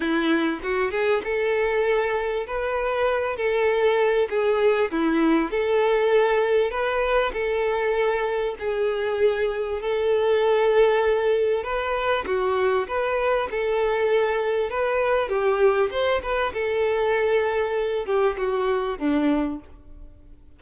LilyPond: \new Staff \with { instrumentName = "violin" } { \time 4/4 \tempo 4 = 98 e'4 fis'8 gis'8 a'2 | b'4. a'4. gis'4 | e'4 a'2 b'4 | a'2 gis'2 |
a'2. b'4 | fis'4 b'4 a'2 | b'4 g'4 c''8 b'8 a'4~ | a'4. g'8 fis'4 d'4 | }